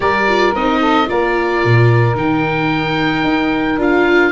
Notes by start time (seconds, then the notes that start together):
0.00 G3 G4 A#4 D5
0.27 F4
0.54 C4 D#4 D#5
0.80 A4
1.05 A#3 F4 A#4 D5
1.64 A#2
2.14 D#3 D#4 G5
3.23 D#4
3.77 D4 F4 F5